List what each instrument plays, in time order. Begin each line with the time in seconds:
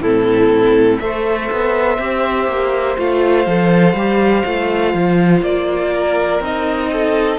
0.00 cello A2, viola C4, violin E4 A4
1.00 cello A3, viola A4, violin C5 E5
1.51 cello B3
1.99 cello C4, viola G4
2.48 cello A#3
2.98 cello A3, viola F4, violin F5
3.47 cello F3, viola A4
3.94 cello G3, viola G4
4.45 cello A3, viola F4
4.94 cello F3
5.42 cello A#3, violin D5
5.93 violin A#4
6.40 cello C4, viola D#4, violin D#5
6.92 violin A4